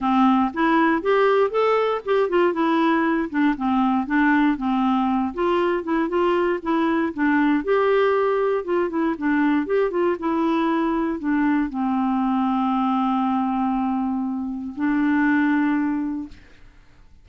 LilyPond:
\new Staff \with { instrumentName = "clarinet" } { \time 4/4 \tempo 4 = 118 c'4 e'4 g'4 a'4 | g'8 f'8 e'4. d'8 c'4 | d'4 c'4. f'4 e'8 | f'4 e'4 d'4 g'4~ |
g'4 f'8 e'8 d'4 g'8 f'8 | e'2 d'4 c'4~ | c'1~ | c'4 d'2. | }